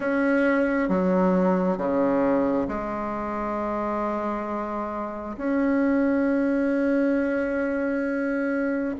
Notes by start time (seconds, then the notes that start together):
0.00 C#4
0.88 F#3
1.77 C#3
2.67 G#3
5.37 C#4